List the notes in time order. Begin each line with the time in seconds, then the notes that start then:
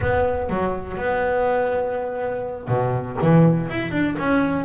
0.00 B3
0.49 F#3
0.97 B3
2.68 B2
3.21 E3
3.69 E4
3.91 D4
4.18 C#4